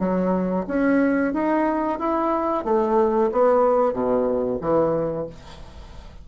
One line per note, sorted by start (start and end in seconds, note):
0.00 0.66 F#3
0.68 1.34 C#4
1.34 1.99 D#4
1.99 2.65 E4
2.65 3.31 A3
3.32 3.93 B3
3.93 4.59 B2
4.61 5.27 E3